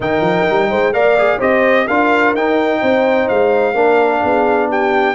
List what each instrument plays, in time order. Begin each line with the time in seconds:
0.00 tuba D#3, trombone D#4, horn A#4, trumpet G5
0.20 tuba F3
0.49 tuba G3
0.69 tuba G#3, horn C5
0.92 tuba A#3, trombone A#4, horn D5, trumpet F5
1.18 trombone G#4
1.38 tuba C4, trombone G4, horn C5, trumpet D#5
1.86 tuba D4, trombone F4, horn A#4, trumpet F5
2.33 tuba D#4, trombone D#4, trumpet G5
2.81 tuba C4, horn C5
3.28 tuba G#3, trumpet F5
3.74 tuba A#3, trombone D4, horn A#4
4.22 tuba B3, horn G#4
4.68 horn G4, trumpet G5